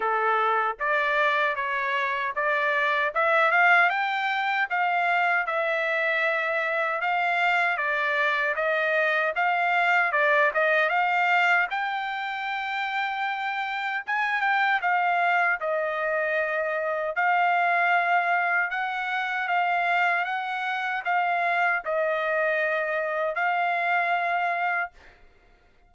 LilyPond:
\new Staff \with { instrumentName = "trumpet" } { \time 4/4 \tempo 4 = 77 a'4 d''4 cis''4 d''4 | e''8 f''8 g''4 f''4 e''4~ | e''4 f''4 d''4 dis''4 | f''4 d''8 dis''8 f''4 g''4~ |
g''2 gis''8 g''8 f''4 | dis''2 f''2 | fis''4 f''4 fis''4 f''4 | dis''2 f''2 | }